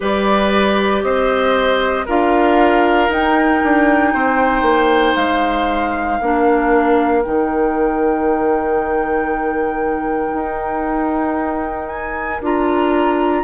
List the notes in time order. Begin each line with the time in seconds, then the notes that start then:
0.00 G3 G4 B4 D5
1.03 C4 C5 D#5
2.05 D4 F4 A#4 F5
3.08 D#4 G5
3.63 D4
4.13 C4 C5
4.62 A#3
5.15 G#3 F5
6.19 A#3 D4 A#4
7.22 D#3 D#4 G5
10.33 D#4
11.88 G#5
12.41 D4 F4 A#5